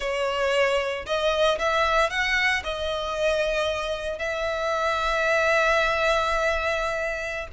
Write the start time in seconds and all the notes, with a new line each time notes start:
0.00 C#5
1.06 D#5
1.58 E5
2.10 F#5
2.63 D#5
4.18 E5